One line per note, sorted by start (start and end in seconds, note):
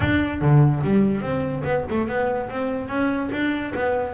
0.00 0.41 D4
0.41 0.82 D3
0.83 1.21 G3
1.21 1.62 C4
1.63 1.84 B3
1.89 2.07 A3
2.07 2.49 B3
2.49 2.88 C4
2.88 3.29 C#4
3.32 3.73 D4
3.74 4.13 B3